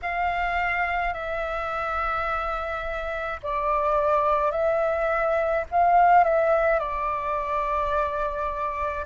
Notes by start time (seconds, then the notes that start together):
0.02 F5
1.13 E5
3.42 D5
4.51 E5
5.71 F5
6.24 E5
6.79 D5